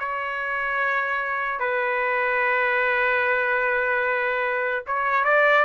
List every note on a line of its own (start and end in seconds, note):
0.00 1.60 C#5
1.60 4.84 B4
4.87 5.25 C#5
5.25 5.65 D5